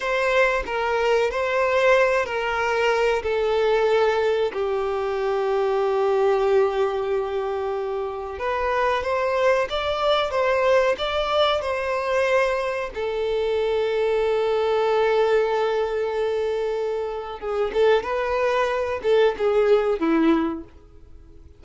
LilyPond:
\new Staff \with { instrumentName = "violin" } { \time 4/4 \tempo 4 = 93 c''4 ais'4 c''4. ais'8~ | ais'4 a'2 g'4~ | g'1~ | g'4 b'4 c''4 d''4 |
c''4 d''4 c''2 | a'1~ | a'2. gis'8 a'8 | b'4. a'8 gis'4 e'4 | }